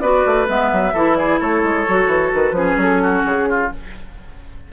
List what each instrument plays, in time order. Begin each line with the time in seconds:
0.00 bassoon B3, clarinet F#4, oboe B4, flute D5
0.26 bassoon A3
0.47 bassoon G#3, clarinet B3, flute E5
0.72 bassoon F#3
0.93 bassoon E3, clarinet E4, oboe A4
1.15 oboe G#4, flute D5
1.40 bassoon A3, oboe A4, flute C#5
1.63 bassoon G#3
1.87 bassoon F#3, clarinet F#4
2.07 bassoon E3
2.34 bassoon D#3, flute B4
2.51 bassoon F3, clarinet C#4, oboe G#4
2.77 bassoon F#3, flute A4
3.02 oboe F#4
3.24 bassoon C#3, flute G#4
3.49 oboe F4